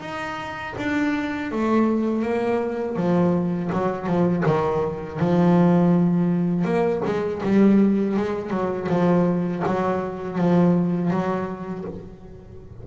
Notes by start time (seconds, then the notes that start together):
0.00 D#4
0.77 D4
1.51 A3
2.22 A#3
2.96 F3
3.72 F#3
4.06 F3
4.46 D#3
5.19 F3
6.64 A#3
7.05 G#3
7.43 G3
8.16 G#3
8.50 F#3
8.89 F3
9.66 F#3
10.38 F3
11.10 F#3